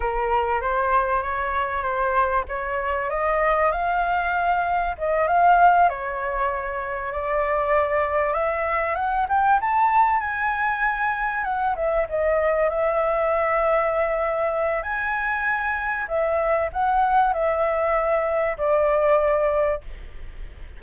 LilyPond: \new Staff \with { instrumentName = "flute" } { \time 4/4 \tempo 4 = 97 ais'4 c''4 cis''4 c''4 | cis''4 dis''4 f''2 | dis''8 f''4 cis''2 d''8~ | d''4. e''4 fis''8 g''8 a''8~ |
a''8 gis''2 fis''8 e''8 dis''8~ | dis''8 e''2.~ e''8 | gis''2 e''4 fis''4 | e''2 d''2 | }